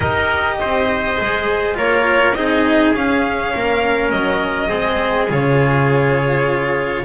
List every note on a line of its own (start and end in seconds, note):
0.00 0.60 D#4
0.00 1.15 G4
0.00 0.56 A#4
0.00 1.76 D#5
0.59 1.19 C4
0.59 1.77 C5
1.15 1.77 G#3
1.15 1.74 G#4
1.74 2.34 A#3
1.74 2.33 F4
1.74 2.36 A#4
1.74 2.34 C#5
2.34 2.93 C4
2.34 2.94 D#4
2.34 3.55 G#4
2.34 2.93 D#5
2.94 3.53 C#4
2.94 4.68 C#4
2.94 4.10 F5
3.54 4.12 A#3
3.54 4.68 A#4
4.10 4.70 F#3
4.10 5.28 D#5
4.68 5.30 G#3
4.68 5.27 C4
4.68 7.03 G#4
5.28 7.04 C#3
5.28 7.04 F4
5.28 7.04 C#5